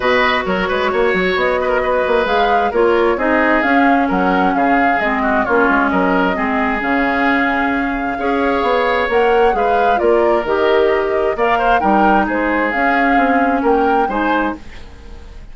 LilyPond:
<<
  \new Staff \with { instrumentName = "flute" } { \time 4/4 \tempo 4 = 132 dis''4 cis''2 dis''4~ | dis''4 f''4 cis''4 dis''4 | f''4 fis''4 f''4 dis''4 | cis''4 dis''2 f''4~ |
f''1 | fis''4 f''4 d''4 dis''4~ | dis''4 f''4 g''4 c''4 | f''2 g''4 gis''4 | }
  \new Staff \with { instrumentName = "oboe" } { \time 4/4 b'4 ais'8 b'8 cis''4. b'16 ais'16 | b'2 ais'4 gis'4~ | gis'4 ais'4 gis'4. fis'8 | f'4 ais'4 gis'2~ |
gis'2 cis''2~ | cis''4 b'4 ais'2~ | ais'4 d''8 c''8 ais'4 gis'4~ | gis'2 ais'4 c''4 | }
  \new Staff \with { instrumentName = "clarinet" } { \time 4/4 fis'1~ | fis'4 gis'4 f'4 dis'4 | cis'2. c'4 | cis'2 c'4 cis'4~ |
cis'2 gis'2 | ais'4 gis'4 f'4 g'4~ | g'4 ais'4 dis'2 | cis'2. dis'4 | }
  \new Staff \with { instrumentName = "bassoon" } { \time 4/4 b,4 fis8 gis8 ais8 fis8 b4~ | b8 ais8 gis4 ais4 c'4 | cis'4 fis4 cis4 gis4 | ais8 gis8 fis4 gis4 cis4~ |
cis2 cis'4 b4 | ais4 gis4 ais4 dis4~ | dis4 ais4 g4 gis4 | cis'4 c'4 ais4 gis4 | }
>>